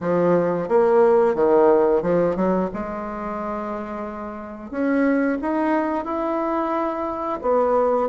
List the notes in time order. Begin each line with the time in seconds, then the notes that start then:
0.00 F3
0.68 A#3
1.35 D#3
2.02 F3
2.36 F#3
2.73 G#3
4.70 C#4
5.41 D#4
6.05 E4
7.41 B3